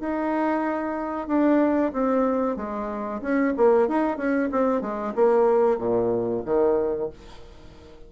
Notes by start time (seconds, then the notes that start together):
0.00 D#4
1.28 D4
1.93 C4
2.56 G#3
3.21 C#4
3.57 A#3
3.88 D#4
4.17 C#4
4.52 C4
4.81 G#3
5.15 A#3
5.78 A#2
6.45 D#3